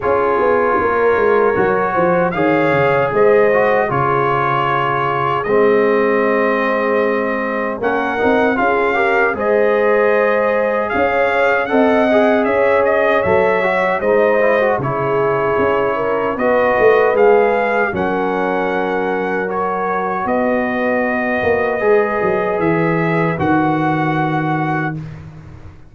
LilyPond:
<<
  \new Staff \with { instrumentName = "trumpet" } { \time 4/4 \tempo 4 = 77 cis''2. f''4 | dis''4 cis''2 dis''4~ | dis''2 fis''4 f''4 | dis''2 f''4 fis''4 |
e''8 dis''8 e''4 dis''4 cis''4~ | cis''4 dis''4 f''4 fis''4~ | fis''4 cis''4 dis''2~ | dis''4 e''4 fis''2 | }
  \new Staff \with { instrumentName = "horn" } { \time 4/4 gis'4 ais'4. c''8 cis''4 | c''4 gis'2.~ | gis'2 ais'4 gis'8 ais'8 | c''2 cis''4 dis''4 |
cis''2 c''4 gis'4~ | gis'8 ais'8 b'2 ais'4~ | ais'2 b'2~ | b'1 | }
  \new Staff \with { instrumentName = "trombone" } { \time 4/4 f'2 fis'4 gis'4~ | gis'8 fis'8 f'2 c'4~ | c'2 cis'8 dis'8 f'8 g'8 | gis'2. a'8 gis'8~ |
gis'4 a'8 fis'8 dis'8 e'16 fis'16 e'4~ | e'4 fis'4 gis'4 cis'4~ | cis'4 fis'2. | gis'2 fis'2 | }
  \new Staff \with { instrumentName = "tuba" } { \time 4/4 cis'8 b8 ais8 gis8 fis8 f8 dis8 cis8 | gis4 cis2 gis4~ | gis2 ais8 c'8 cis'4 | gis2 cis'4 c'4 |
cis'4 fis4 gis4 cis4 | cis'4 b8 a8 gis4 fis4~ | fis2 b4. ais8 | gis8 fis8 e4 dis2 | }
>>